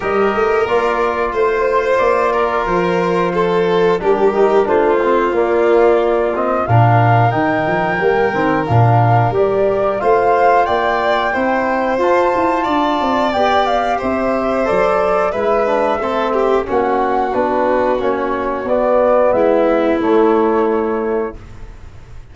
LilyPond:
<<
  \new Staff \with { instrumentName = "flute" } { \time 4/4 \tempo 4 = 90 dis''4 d''4 c''4 d''4 | c''2 ais'4 c''4 | d''4. dis''8 f''4 g''4~ | g''4 f''4 d''4 f''4 |
g''2 a''2 | g''8 f''8 e''4 d''4 e''4~ | e''4 fis''4 b'4 cis''4 | d''4 e''4 cis''2 | }
  \new Staff \with { instrumentName = "violin" } { \time 4/4 ais'2 c''4. ais'8~ | ais'4 a'4 g'4 f'4~ | f'2 ais'2~ | ais'2. c''4 |
d''4 c''2 d''4~ | d''4 c''2 b'4 | a'8 g'8 fis'2.~ | fis'4 e'2. | }
  \new Staff \with { instrumentName = "trombone" } { \time 4/4 g'4 f'2.~ | f'2 d'8 dis'8 d'8 c'8 | ais4. c'8 d'4 dis'4 | ais8 c'8 d'4 g'4 f'4~ |
f'4 e'4 f'2 | g'2 a'4 e'8 d'8 | c'4 cis'4 d'4 cis'4 | b2 a2 | }
  \new Staff \with { instrumentName = "tuba" } { \time 4/4 g8 a8 ais4 a4 ais4 | f2 g4 a4 | ais2 ais,4 dis8 f8 | g8 dis8 ais,4 g4 a4 |
ais4 c'4 f'8 e'8 d'8 c'8 | b4 c'4 fis4 gis4 | a4 ais4 b4 ais4 | b4 gis4 a2 | }
>>